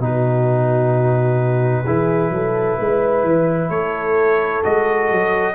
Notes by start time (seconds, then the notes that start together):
0.00 B2 D#4 F#4 B4
1.86 E3 E4 G#4
2.30 F#3 A4
2.80 G#3 B4
3.24 E3
3.70 A3 A4 C#5
4.64 G#3 F#4 D#5
5.11 F#3